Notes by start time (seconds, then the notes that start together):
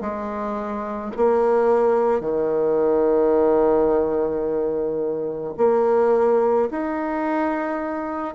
0.00 G#3
1.16 A#3
2.20 D#3
5.57 A#3
6.71 D#4